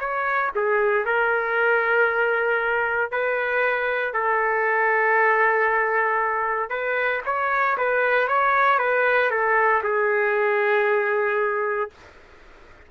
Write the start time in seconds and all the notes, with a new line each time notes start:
0.00 C#5
0.55 G#4
1.05 A#4
3.11 B4
4.13 A4
6.70 B4
7.25 C#5
7.77 B4
8.28 C#5
8.79 B4
9.31 A4
9.83 G#4